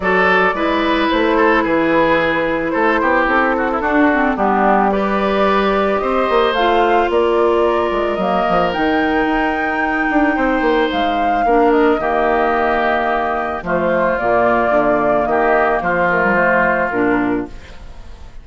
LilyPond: <<
  \new Staff \with { instrumentName = "flute" } { \time 4/4 \tempo 4 = 110 d''2 c''4 b'4~ | b'4 c''4 a'2 | g'4 d''2 dis''4 | f''4 d''2 dis''4 |
g''1 | f''4. dis''2~ dis''8~ | dis''4 c''4 d''2 | dis''4 c''8 ais'8 c''4 ais'4 | }
  \new Staff \with { instrumentName = "oboe" } { \time 4/4 a'4 b'4. a'8 gis'4~ | gis'4 a'8 g'4 fis'16 e'16 fis'4 | d'4 b'2 c''4~ | c''4 ais'2.~ |
ais'2. c''4~ | c''4 ais'4 g'2~ | g'4 f'2. | g'4 f'2. | }
  \new Staff \with { instrumentName = "clarinet" } { \time 4/4 fis'4 e'2.~ | e'2. d'8 c'8 | b4 g'2. | f'2. ais4 |
dis'1~ | dis'4 d'4 ais2~ | ais4 a4 ais2~ | ais4. a16 g16 a4 d'4 | }
  \new Staff \with { instrumentName = "bassoon" } { \time 4/4 fis4 gis4 a4 e4~ | e4 a8 b8 c'4 d'4 | g2. c'8 ais8 | a4 ais4. gis8 fis8 f8 |
dis4 dis'4. d'8 c'8 ais8 | gis4 ais4 dis2~ | dis4 f4 ais,4 d4 | dis4 f2 ais,4 | }
>>